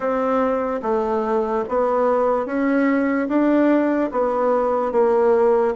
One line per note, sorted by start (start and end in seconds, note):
0.00 0.80 C4
0.82 1.64 A3
1.68 2.45 B3
2.45 3.28 C#4
3.28 4.10 D4
4.11 4.92 B3
4.92 5.74 A#3